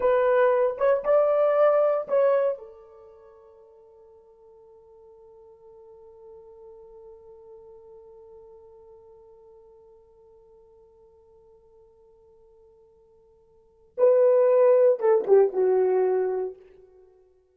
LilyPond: \new Staff \with { instrumentName = "horn" } { \time 4/4 \tempo 4 = 116 b'4. cis''8 d''2 | cis''4 a'2.~ | a'1~ | a'1~ |
a'1~ | a'1~ | a'2. b'4~ | b'4 a'8 g'8 fis'2 | }